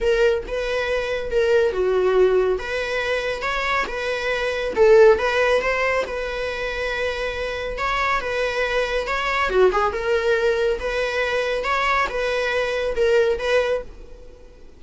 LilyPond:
\new Staff \with { instrumentName = "viola" } { \time 4/4 \tempo 4 = 139 ais'4 b'2 ais'4 | fis'2 b'2 | cis''4 b'2 a'4 | b'4 c''4 b'2~ |
b'2 cis''4 b'4~ | b'4 cis''4 fis'8 gis'8 ais'4~ | ais'4 b'2 cis''4 | b'2 ais'4 b'4 | }